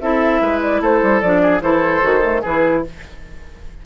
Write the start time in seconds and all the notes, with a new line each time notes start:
0.00 C4 E4 A4 E5
0.41 G#3 B4
0.62 D5
0.81 A3 A4 C5
1.02 G3
1.21 F3 D4 D5
1.42 G#4
1.61 E3 E4 A4 C5
2.01 D#3 F#4
2.22 A3
2.42 E3 E4 G#4 B4